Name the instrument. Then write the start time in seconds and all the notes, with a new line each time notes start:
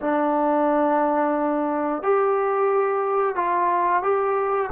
trombone
0.01 D4
2.03 G4
3.35 F4
4.02 G4